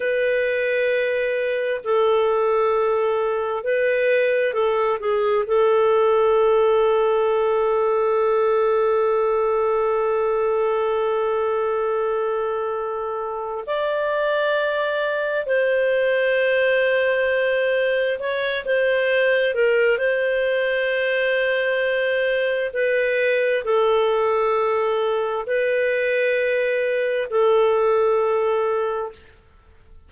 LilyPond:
\new Staff \with { instrumentName = "clarinet" } { \time 4/4 \tempo 4 = 66 b'2 a'2 | b'4 a'8 gis'8 a'2~ | a'1~ | a'2. d''4~ |
d''4 c''2. | cis''8 c''4 ais'8 c''2~ | c''4 b'4 a'2 | b'2 a'2 | }